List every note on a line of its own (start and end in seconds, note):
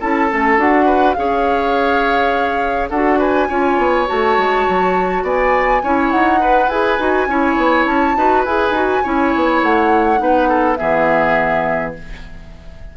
0.00 0.31 C#4
0.00 0.29 E4
0.00 0.86 A4
0.00 0.58 A5
0.29 0.58 A3
0.29 0.58 C#4
0.58 1.16 D4
0.58 1.16 F#4
0.58 1.14 F#5
0.86 1.15 B4
1.14 2.91 C#4
1.14 2.91 G#4
1.14 2.90 C#5
1.14 2.89 F5
2.90 3.49 D4
2.90 3.49 F#4
2.90 3.19 A4
2.90 3.19 F#5
3.19 3.48 B4
3.19 4.08 G#5
3.49 3.78 C#4
3.49 4.07 F4
3.49 5.24 C#5
3.78 4.07 B3
4.07 4.38 A3
4.07 5.81 F#4
4.07 5.25 A5
4.38 4.67 G#3
4.69 5.23 F#3
5.23 5.81 B3
5.23 5.82 D5
5.23 6.11 G#5
5.83 6.13 C#4
5.83 6.40 E4
5.83 6.40 C#5
6.11 6.69 D#4
6.11 6.69 F#5
6.40 6.69 B4
6.40 7.28 B4
6.69 6.98 E4
6.69 6.99 G#4
6.69 7.85 G#5
6.99 7.27 D#4
6.99 7.28 F#4
7.27 7.56 C#4
7.27 8.17 E4
7.27 8.17 C#5
7.57 7.85 B3
7.85 8.15 C#4
7.85 8.45 A5
8.16 8.45 D#4
8.16 8.46 F#4
8.16 9.03 B4
8.45 8.70 E4
8.45 8.74 G#4
8.45 9.62 G#5
8.70 8.99 D#4
8.70 9.04 F#4
9.03 9.34 C#4
9.03 10.17 E4
9.03 10.20 C#5
9.36 9.62 B3
9.62 10.20 A3
9.62 10.75 F#5
10.17 10.78 B3
10.17 10.75 D#4
10.17 10.49 B4
10.49 10.78 A4
10.75 11.97 E3
10.75 11.94 B3
10.75 11.95 G#4
10.75 11.92 E5